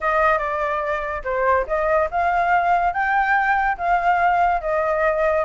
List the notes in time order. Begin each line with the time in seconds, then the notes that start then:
0.00 D#5
0.38 D5
1.24 C5
1.67 D#5
2.11 F5
2.93 G5
3.77 F5
4.61 D#5